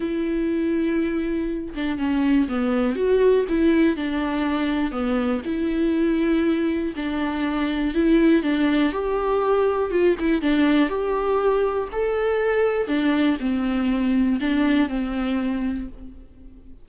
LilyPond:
\new Staff \with { instrumentName = "viola" } { \time 4/4 \tempo 4 = 121 e'2.~ e'8 d'8 | cis'4 b4 fis'4 e'4 | d'2 b4 e'4~ | e'2 d'2 |
e'4 d'4 g'2 | f'8 e'8 d'4 g'2 | a'2 d'4 c'4~ | c'4 d'4 c'2 | }